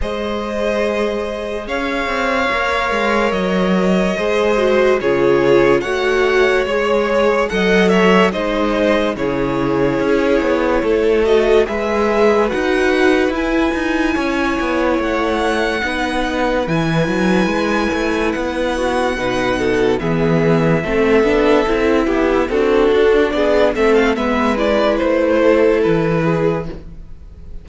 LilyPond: <<
  \new Staff \with { instrumentName = "violin" } { \time 4/4 \tempo 4 = 72 dis''2 f''2 | dis''2 cis''4 fis''4 | cis''4 fis''8 e''8 dis''4 cis''4~ | cis''4. dis''8 e''4 fis''4 |
gis''2 fis''2 | gis''2 fis''2 | e''2. a'4 | d''8 e''16 f''16 e''8 d''8 c''4 b'4 | }
  \new Staff \with { instrumentName = "violin" } { \time 4/4 c''2 cis''2~ | cis''4 c''4 gis'4 cis''4~ | cis''4 dis''8 cis''8 c''4 gis'4~ | gis'4 a'4 b'2~ |
b'4 cis''2 b'4~ | b'2~ b'8 fis'8 b'8 a'8 | gis'4 a'4. g'8 fis'4 | gis'8 a'8 b'4. a'4 gis'8 | }
  \new Staff \with { instrumentName = "viola" } { \time 4/4 gis'2. ais'4~ | ais'4 gis'8 fis'8 f'4 fis'4 | gis'4 a'4 dis'4 e'4~ | e'4. fis'8 gis'4 fis'4 |
e'2. dis'4 | e'2. dis'4 | b4 c'8 d'8 e'4 d'4~ | d'8 c'8 b8 e'2~ e'8 | }
  \new Staff \with { instrumentName = "cello" } { \time 4/4 gis2 cis'8 c'8 ais8 gis8 | fis4 gis4 cis4 a4 | gis4 fis4 gis4 cis4 | cis'8 b8 a4 gis4 dis'4 |
e'8 dis'8 cis'8 b8 a4 b4 | e8 fis8 gis8 a8 b4 b,4 | e4 a8 b8 c'8 b8 c'8 d'8 | b8 a8 gis4 a4 e4 | }
>>